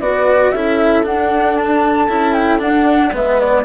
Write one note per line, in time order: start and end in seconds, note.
0.00 0.52 B3
0.00 0.54 F#4
0.00 0.53 B4
0.00 0.52 D5
0.52 1.05 C#4
0.52 1.03 E4
0.52 3.14 A4
0.52 1.04 E5
1.03 2.08 D4
1.03 1.56 F#5
1.56 2.33 A5
2.08 2.60 C#4
2.08 2.59 E4
2.33 2.59 G5
2.59 3.11 D4
2.59 3.13 D4
2.59 3.14 F#5
3.13 3.65 G#3
3.13 3.65 B3
3.13 3.65 B4
3.13 3.40 E5
3.40 3.65 D5